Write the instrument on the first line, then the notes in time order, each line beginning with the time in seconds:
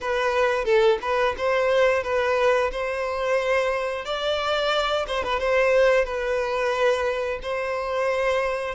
violin
0.00 B4
0.64 A4
1.01 B4
1.37 C5
2.03 B4
2.71 C5
4.04 D5
5.07 C5
5.23 B4
5.39 C5
6.04 B4
7.42 C5